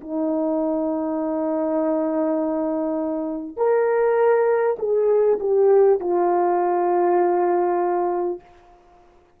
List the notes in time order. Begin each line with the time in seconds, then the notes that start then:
0.00 D#4
3.57 A#4
4.78 G#4
5.40 G4
6.00 F4